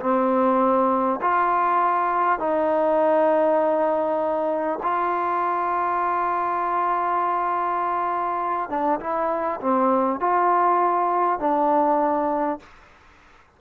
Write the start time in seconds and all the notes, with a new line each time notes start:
0.00 C4
1.21 F4
2.39 D#4
4.83 F4
8.69 D4
9.00 E4
9.61 C4
10.20 F4
11.40 D4